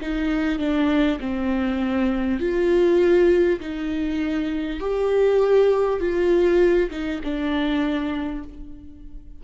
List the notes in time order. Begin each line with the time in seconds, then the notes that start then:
0.00 D#4
0.58 D4
1.19 C4
2.39 F4
3.59 D#4
4.79 G4
6.00 F4
6.90 D#4
7.23 D4